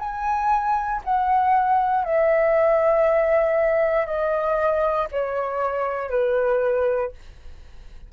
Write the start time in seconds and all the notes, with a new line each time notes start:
0.00 G#5
1.04 F#5
2.04 E5
4.06 D#5
5.11 C#5
6.10 B4